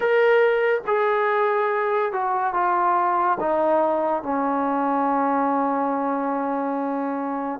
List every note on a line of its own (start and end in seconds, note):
0.00 0.81 A#4
0.86 2.12 G#4
2.12 2.53 F#4
2.53 3.38 F4
3.40 4.23 D#4
4.23 7.60 C#4